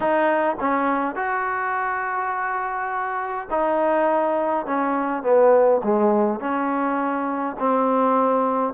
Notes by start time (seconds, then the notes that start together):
0.00 D#4
0.60 C#4
1.15 F#4
3.50 D#4
4.66 C#4
5.23 B3
5.83 G#3
6.39 C#4
7.59 C4